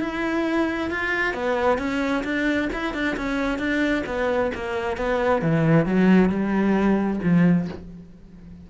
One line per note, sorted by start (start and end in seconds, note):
0.00 0.90 E4
0.91 1.34 F4
1.34 1.78 B3
1.78 2.23 C#4
2.24 2.69 D4
2.73 2.94 E4
2.94 3.16 D4
3.17 3.58 C#4
3.58 4.04 D4
4.06 4.51 B3
4.54 4.97 A#3
4.97 5.42 B3
5.42 5.86 E3
5.86 6.29 F#3
6.29 7.20 G3
7.23 7.68 F3